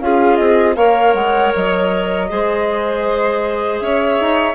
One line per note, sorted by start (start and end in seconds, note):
0.00 0.38 C#4
0.00 0.76 F4
0.00 0.76 G#4
0.00 0.36 F5
0.36 0.76 C4
0.36 0.74 D#5
0.75 1.14 A#3
0.75 2.28 A#4
0.75 2.28 C#5
0.75 1.13 F5
1.14 1.52 G#3
1.14 1.52 F#5
1.55 2.31 F#3
1.55 3.79 D#5
2.29 3.81 G#3
2.29 4.54 G#4
2.29 3.83 C5
3.79 4.19 C#4
3.79 4.54 C#5
3.79 4.54 E5
4.20 4.54 D#4